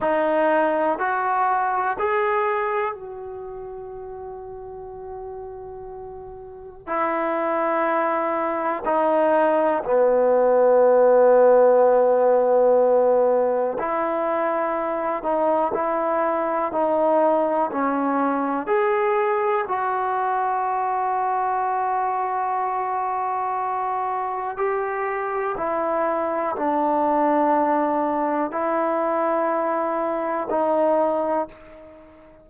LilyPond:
\new Staff \with { instrumentName = "trombone" } { \time 4/4 \tempo 4 = 61 dis'4 fis'4 gis'4 fis'4~ | fis'2. e'4~ | e'4 dis'4 b2~ | b2 e'4. dis'8 |
e'4 dis'4 cis'4 gis'4 | fis'1~ | fis'4 g'4 e'4 d'4~ | d'4 e'2 dis'4 | }